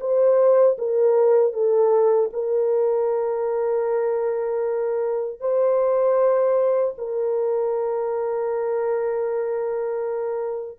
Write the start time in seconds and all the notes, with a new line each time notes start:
0.00 C5
0.78 A#4
1.52 A4
2.33 A#4
5.40 C5
6.98 A#4